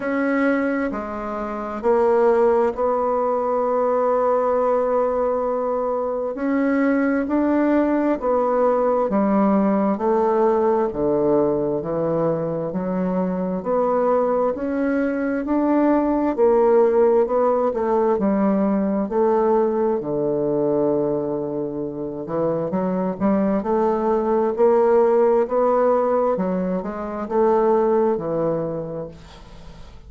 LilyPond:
\new Staff \with { instrumentName = "bassoon" } { \time 4/4 \tempo 4 = 66 cis'4 gis4 ais4 b4~ | b2. cis'4 | d'4 b4 g4 a4 | d4 e4 fis4 b4 |
cis'4 d'4 ais4 b8 a8 | g4 a4 d2~ | d8 e8 fis8 g8 a4 ais4 | b4 fis8 gis8 a4 e4 | }